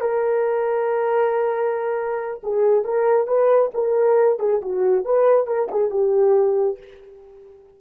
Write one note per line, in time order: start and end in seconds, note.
0.00 2.41 A#4
2.43 2.84 G#4
2.84 3.27 A#4
3.27 3.71 B4
3.74 4.39 A#4
4.39 4.61 G#4
4.61 5.05 F#4
5.05 5.47 B4
5.47 5.69 A#4
5.71 5.90 G#4
5.90 6.78 G4